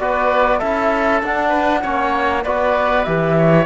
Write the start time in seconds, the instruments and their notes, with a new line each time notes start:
0.00 cello B3, trombone F#4, oboe B4, flute D5
0.59 cello C#4, trombone E4, oboe A4, flute E5
1.23 cello D4, trombone D4, flute F#5
1.49 oboe B4
1.83 cello A#3, trombone C#4, oboe C#5
2.44 cello B3, trombone F#4, oboe B4, flute D5
3.04 cello E3, trombone G4, flute E5
3.38 oboe C#5